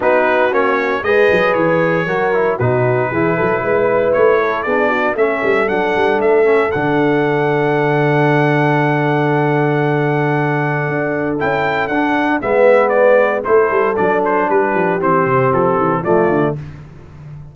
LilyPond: <<
  \new Staff \with { instrumentName = "trumpet" } { \time 4/4 \tempo 4 = 116 b'4 cis''4 dis''4 cis''4~ | cis''4 b'2. | cis''4 d''4 e''4 fis''4 | e''4 fis''2.~ |
fis''1~ | fis''2 g''4 fis''4 | e''4 d''4 c''4 d''8 c''8 | b'4 c''4 a'4 d''4 | }
  \new Staff \with { instrumentName = "horn" } { \time 4/4 fis'2 b'2 | ais'4 fis'4 gis'8 a'8 b'4~ | b'8 a'8 gis'8 fis'8 a'2~ | a'1~ |
a'1~ | a'1 | b'2 a'2 | g'2. f'4 | }
  \new Staff \with { instrumentName = "trombone" } { \time 4/4 dis'4 cis'4 gis'2 | fis'8 e'8 dis'4 e'2~ | e'4 d'4 cis'4 d'4~ | d'8 cis'8 d'2.~ |
d'1~ | d'2 e'4 d'4 | b2 e'4 d'4~ | d'4 c'2 a4 | }
  \new Staff \with { instrumentName = "tuba" } { \time 4/4 b4 ais4 gis8 fis8 e4 | fis4 b,4 e8 fis8 gis4 | a4 b4 a8 g8 fis8 g8 | a4 d2.~ |
d1~ | d4 d'4 cis'4 d'4 | gis2 a8 g8 fis4 | g8 f8 e8 c8 f8 e8 f8 d8 | }
>>